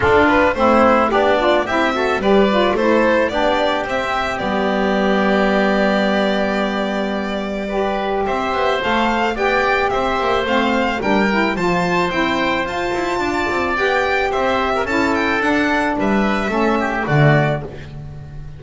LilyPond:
<<
  \new Staff \with { instrumentName = "violin" } { \time 4/4 \tempo 4 = 109 a'8 b'8 c''4 d''4 e''4 | d''4 c''4 d''4 e''4 | d''1~ | d''2. e''4 |
f''4 g''4 e''4 f''4 | g''4 a''4 g''4 a''4~ | a''4 g''4 e''4 a''8 g''8 | fis''4 e''2 d''4 | }
  \new Staff \with { instrumentName = "oboe" } { \time 4/4 f'4 e'4 d'4 g'8 a'8 | b'4 a'4 g'2~ | g'1~ | g'2 b'4 c''4~ |
c''4 d''4 c''2 | ais'4 c''2. | d''2 c''8. ais'16 a'4~ | a'4 b'4 a'8 g'8 fis'4 | }
  \new Staff \with { instrumentName = "saxophone" } { \time 4/4 d'4 c'4 g'8 f'8 e'8 fis'8 | g'8 f'8 e'4 d'4 c'4 | b1~ | b2 g'2 |
a'4 g'2 c'4 | d'8 e'8 f'4 e'4 f'4~ | f'4 g'2 e'4 | d'2 cis'4 a4 | }
  \new Staff \with { instrumentName = "double bass" } { \time 4/4 d'4 a4 b4 c'4 | g4 a4 b4 c'4 | g1~ | g2. c'8 b8 |
a4 b4 c'8 ais8 a4 | g4 f4 c'4 f'8 e'8 | d'8 c'8 b4 c'4 cis'4 | d'4 g4 a4 d4 | }
>>